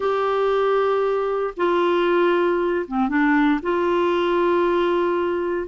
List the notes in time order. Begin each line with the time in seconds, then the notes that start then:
0.00 G4
1.57 F4
2.87 C4
3.08 D4
3.62 F4